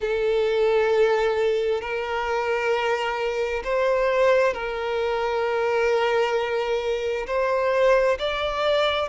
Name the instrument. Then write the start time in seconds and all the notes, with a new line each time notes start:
violin
0.00 A4
1.81 A#4
3.64 C5
4.53 A#4
7.26 C5
8.19 D5